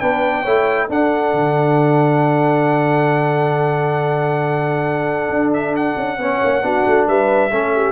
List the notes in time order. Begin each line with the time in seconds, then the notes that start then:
0.00 B3 D4 B4 G5
0.43 A3 E4 C#5
0.89 D4 A4 F#5
1.33 D3
5.30 D4
5.53 E5
5.76 F#5
5.97 C#4
6.18 B3 C#4 C#5
6.44 A#3
6.62 B3 D4 F#4
6.87 A3
7.08 G3 B4 E5
7.51 A3 C#4 A4
7.75 G4